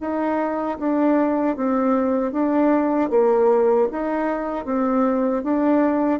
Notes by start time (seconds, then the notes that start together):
0.00 D#4
0.78 D4
1.56 C4
2.32 D4
3.10 A#3
3.91 D#4
4.65 C4
5.43 D4